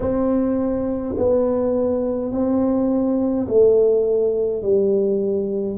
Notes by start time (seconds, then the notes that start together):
0.00 C4
1.17 B3
2.31 C4
3.47 A3
4.62 G3